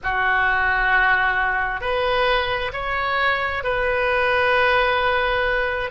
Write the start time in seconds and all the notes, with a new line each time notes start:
0.02 F#4
1.80 B4
2.73 C#5
3.63 B4